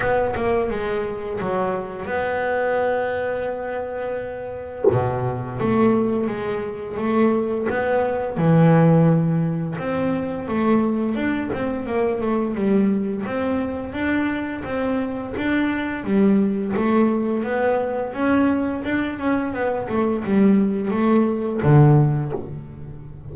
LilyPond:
\new Staff \with { instrumentName = "double bass" } { \time 4/4 \tempo 4 = 86 b8 ais8 gis4 fis4 b4~ | b2. b,4 | a4 gis4 a4 b4 | e2 c'4 a4 |
d'8 c'8 ais8 a8 g4 c'4 | d'4 c'4 d'4 g4 | a4 b4 cis'4 d'8 cis'8 | b8 a8 g4 a4 d4 | }